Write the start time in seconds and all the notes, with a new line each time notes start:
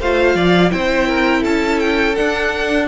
0.00 A3 F4 C5 F5
0.35 F3 D5
0.71 C4 E4 C5 G5
1.08 A#4
1.42 C#4 A4 A5
1.80 G5
2.16 D4 F#5